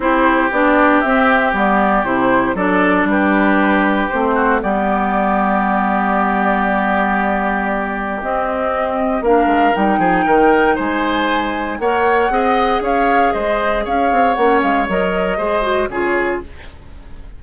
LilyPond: <<
  \new Staff \with { instrumentName = "flute" } { \time 4/4 \tempo 4 = 117 c''4 d''4 e''4 d''4 | c''4 d''4 b'2 | c''4 d''2.~ | d''1 |
dis''2 f''4 g''4~ | g''4 gis''2 fis''4~ | fis''4 f''4 dis''4 f''4 | fis''8 f''8 dis''2 cis''4 | }
  \new Staff \with { instrumentName = "oboe" } { \time 4/4 g'1~ | g'4 a'4 g'2~ | g'8 fis'8 g'2.~ | g'1~ |
g'2 ais'4. gis'8 | ais'4 c''2 cis''4 | dis''4 cis''4 c''4 cis''4~ | cis''2 c''4 gis'4 | }
  \new Staff \with { instrumentName = "clarinet" } { \time 4/4 e'4 d'4 c'4 b4 | e'4 d'2. | c'4 b2.~ | b1 |
c'2 d'4 dis'4~ | dis'2. ais'4 | gis'1 | cis'4 ais'4 gis'8 fis'8 f'4 | }
  \new Staff \with { instrumentName = "bassoon" } { \time 4/4 c'4 b4 c'4 g4 | c4 fis4 g2 | a4 g2.~ | g1 |
c'2 ais8 gis8 g8 f8 | dis4 gis2 ais4 | c'4 cis'4 gis4 cis'8 c'8 | ais8 gis8 fis4 gis4 cis4 | }
>>